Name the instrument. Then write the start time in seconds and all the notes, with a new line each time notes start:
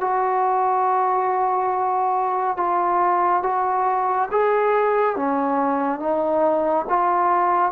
trombone
0.00 F#4
2.56 F4
3.42 F#4
4.31 G#4
5.16 C#4
5.99 D#4
6.88 F4